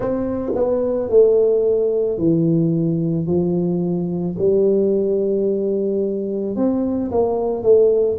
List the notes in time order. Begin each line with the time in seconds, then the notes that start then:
0.00 C4
0.55 B3
1.09 A3
2.18 E3
3.26 F3
4.38 G3
6.56 C4
7.11 A#3
7.63 A3